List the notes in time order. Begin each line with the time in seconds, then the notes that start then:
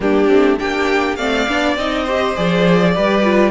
0.00 G3 A#3 D4 G4
0.28 A3 C4
0.58 A#3 D4 G4 G5
1.15 A3 C4 D5 F5
1.48 B3 D4
1.76 C4 D#4 D#5
2.03 G4 C5
2.35 F3 G#4 D5
2.94 G3 G4 B4
3.23 F4